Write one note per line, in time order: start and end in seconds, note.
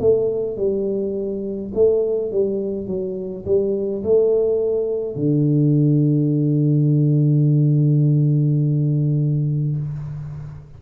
0.00 0.57 A3
0.57 1.72 G3
1.74 2.31 A3
2.31 2.87 G3
2.87 3.45 F#3
3.45 4.03 G3
4.03 5.16 A3
5.16 9.77 D3